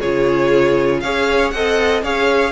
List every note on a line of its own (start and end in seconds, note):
0.00 1.04 C#3
0.00 1.04 F4
0.00 1.01 G#4
0.00 1.01 C#5
1.01 1.54 C#4
1.01 1.55 G#4
1.01 1.54 C#5
1.01 1.51 F5
1.51 2.03 C4
1.51 2.04 A4
1.51 2.04 D#5
1.51 2.01 F#5
2.03 2.52 C#4
2.03 2.52 G#4
2.03 2.52 C#5
2.03 2.52 F5